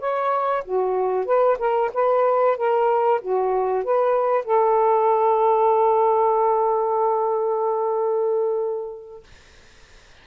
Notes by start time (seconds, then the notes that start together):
0.00 C#5
0.65 F#4
1.26 B4
1.59 A#4
1.94 B4
2.57 A#4
3.21 F#4
3.84 B4
4.45 A4